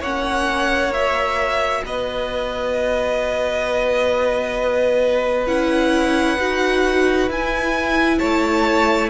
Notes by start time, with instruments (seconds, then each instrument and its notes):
0.00 cello A#3, viola C#4, violin C#5 F#5
0.92 viola F#4, violin E5
1.84 cello B3, violin B4 D#5
5.46 cello C#4, viola E4, violin F#5
6.38 cello D#4, viola F#4
7.28 cello E4, viola E4, violin G#5
8.18 cello A3, violin C#5 A5